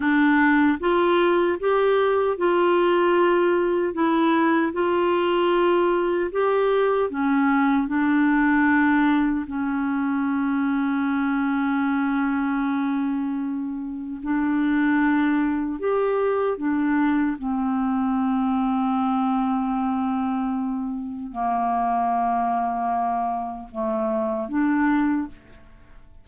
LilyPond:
\new Staff \with { instrumentName = "clarinet" } { \time 4/4 \tempo 4 = 76 d'4 f'4 g'4 f'4~ | f'4 e'4 f'2 | g'4 cis'4 d'2 | cis'1~ |
cis'2 d'2 | g'4 d'4 c'2~ | c'2. ais4~ | ais2 a4 d'4 | }